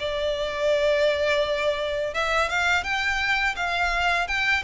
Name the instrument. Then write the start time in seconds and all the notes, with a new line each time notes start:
violin
0.00 D5
2.15 E5
2.50 F5
2.84 G5
3.56 F5
4.28 G5